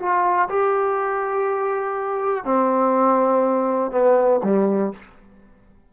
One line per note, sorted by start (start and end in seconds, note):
0.00 0.49 F4
0.49 2.45 G4
2.45 3.92 C4
3.92 4.41 B3
4.44 4.93 G3